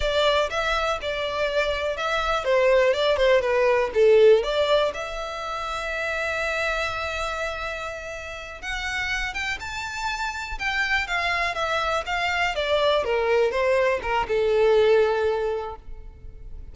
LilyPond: \new Staff \with { instrumentName = "violin" } { \time 4/4 \tempo 4 = 122 d''4 e''4 d''2 | e''4 c''4 d''8 c''8 b'4 | a'4 d''4 e''2~ | e''1~ |
e''4. fis''4. g''8 a''8~ | a''4. g''4 f''4 e''8~ | e''8 f''4 d''4 ais'4 c''8~ | c''8 ais'8 a'2. | }